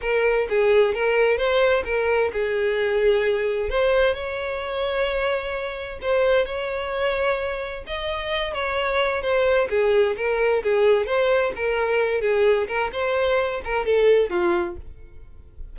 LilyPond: \new Staff \with { instrumentName = "violin" } { \time 4/4 \tempo 4 = 130 ais'4 gis'4 ais'4 c''4 | ais'4 gis'2. | c''4 cis''2.~ | cis''4 c''4 cis''2~ |
cis''4 dis''4. cis''4. | c''4 gis'4 ais'4 gis'4 | c''4 ais'4. gis'4 ais'8 | c''4. ais'8 a'4 f'4 | }